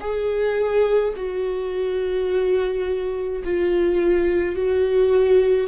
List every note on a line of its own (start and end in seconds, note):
0.00 1.13 G#4
1.16 3.42 F#4
3.44 4.55 F4
4.55 5.67 F#4